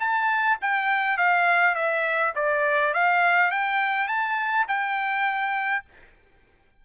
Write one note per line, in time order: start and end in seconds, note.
0.00 0.58 A5
0.62 1.18 G5
1.18 1.75 F5
1.75 2.34 E5
2.36 2.94 D5
2.94 3.52 F5
3.52 4.08 G5
4.08 4.66 A5
4.68 5.85 G5